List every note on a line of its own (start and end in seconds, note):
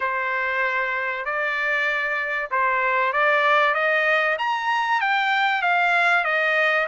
0.00 1.25 C5
1.25 2.50 D5
2.50 3.12 C5
3.12 3.74 D5
3.74 4.37 D#5
4.38 5.00 A#5
5.01 5.62 G5
5.62 6.24 F5
6.24 6.86 D#5